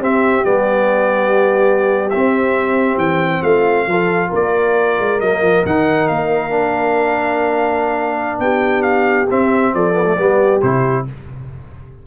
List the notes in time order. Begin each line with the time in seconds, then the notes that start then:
0.00 C4 G4 E5
0.45 G3 B3 D5
2.10 C4 E5
2.97 E3 G5
3.42 A3 F4 F5
3.87 F3 F4 A4
4.30 A#3 A#4 D5
4.99 G#3
5.21 F#3 A#3 D#5
5.42 F3
5.66 D#3 D#4 F#5
6.08 A#3 F5
6.50 D4
8.39 B3 G4 G5
8.82 F5
9.30 C4 E5
9.74 F3 A4 D5
9.94 B3
10.06 A3
10.17 G3 B3 G4
10.62 C3 E4 C5